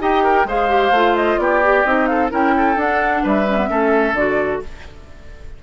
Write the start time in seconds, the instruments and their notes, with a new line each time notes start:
0.00 bassoon D#4, clarinet G4, oboe D#5, flute G5
0.23 oboe A#4
0.45 bassoon G#3, clarinet G#4, oboe C5, flute F5
0.69 clarinet G4
0.91 bassoon A3, clarinet F4
1.16 flute D#5
1.38 bassoon B3, oboe G4, flute D5
1.64 clarinet G4
1.85 bassoon C4, clarinet D#4, flute D#5
2.06 oboe A4, flute F5
2.30 bassoon C#4, clarinet E4, oboe A#4, flute G5
2.57 oboe A4
2.76 bassoon D4, clarinet D4, flute F#5
3.23 bassoon G3, oboe B4, flute E5
3.48 clarinet C#4
3.57 clarinet B3
3.68 bassoon A3, clarinet C#4, oboe A4
4.13 bassoon D3, clarinet F#4, flute D5